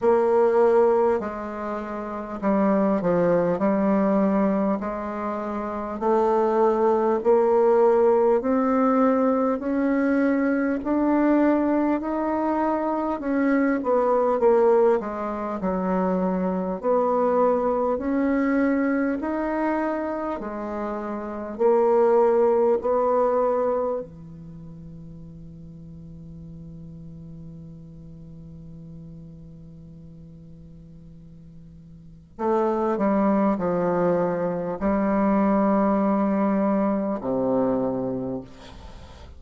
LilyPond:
\new Staff \with { instrumentName = "bassoon" } { \time 4/4 \tempo 4 = 50 ais4 gis4 g8 f8 g4 | gis4 a4 ais4 c'4 | cis'4 d'4 dis'4 cis'8 b8 | ais8 gis8 fis4 b4 cis'4 |
dis'4 gis4 ais4 b4 | e1~ | e2. a8 g8 | f4 g2 c4 | }